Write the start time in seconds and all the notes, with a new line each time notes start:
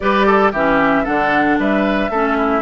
0.00 G3 G4 B4 D5
0.26 A4
0.52 E3 C#4 G4 E5
1.03 D3 D4 A4 F#5
1.58 G3 B4 E5
2.09 A3 C#4 A4
2.37 E4